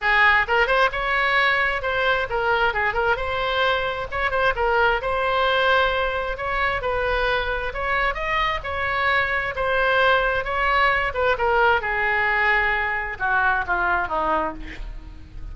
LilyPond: \new Staff \with { instrumentName = "oboe" } { \time 4/4 \tempo 4 = 132 gis'4 ais'8 c''8 cis''2 | c''4 ais'4 gis'8 ais'8 c''4~ | c''4 cis''8 c''8 ais'4 c''4~ | c''2 cis''4 b'4~ |
b'4 cis''4 dis''4 cis''4~ | cis''4 c''2 cis''4~ | cis''8 b'8 ais'4 gis'2~ | gis'4 fis'4 f'4 dis'4 | }